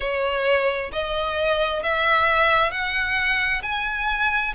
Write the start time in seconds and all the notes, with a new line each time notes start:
0.00 C#5
0.92 D#5
1.83 E5
2.71 F#5
3.62 G#5